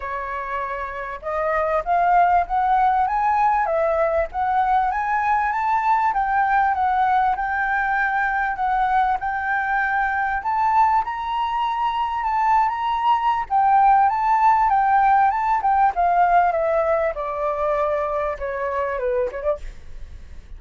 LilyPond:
\new Staff \with { instrumentName = "flute" } { \time 4/4 \tempo 4 = 98 cis''2 dis''4 f''4 | fis''4 gis''4 e''4 fis''4 | gis''4 a''4 g''4 fis''4 | g''2 fis''4 g''4~ |
g''4 a''4 ais''2 | a''8. ais''4~ ais''16 g''4 a''4 | g''4 a''8 g''8 f''4 e''4 | d''2 cis''4 b'8 cis''16 d''16 | }